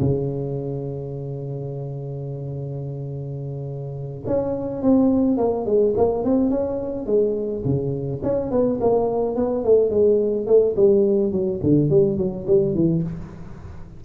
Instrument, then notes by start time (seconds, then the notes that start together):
tuba
0.00 C#3
4.27 C#4
4.83 C4
5.38 A#3
5.66 G#3
5.97 A#3
6.24 C4
6.51 C#4
7.07 G#3
7.65 C#3
8.24 C#4
8.52 B3
8.81 A#3
9.36 B3
9.65 A3
9.91 G#3
10.47 A3
10.77 G3
11.32 F#3
11.63 D3
11.90 G3
12.18 F#3
12.47 G3
12.75 E3